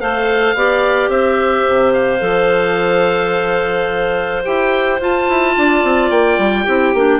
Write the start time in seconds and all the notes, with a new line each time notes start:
0.00 A3 A4 C5 F5
0.55 B3 G4 D5
1.09 C4 C5 E5
1.68 C3
1.93 F5
2.20 F3 A4
4.44 E4 G4 G5
5.00 F4 A5
5.28 E4
5.57 D4 D5
5.84 C4
6.10 A#3 G5
6.38 G3
6.64 C4 E4 G4
6.94 A#3 D4